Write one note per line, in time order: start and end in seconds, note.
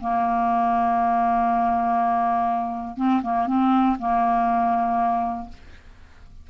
0.00 2.97 A#3
2.97 3.22 C4
3.22 3.46 A#3
3.46 3.96 C4
3.98 5.48 A#3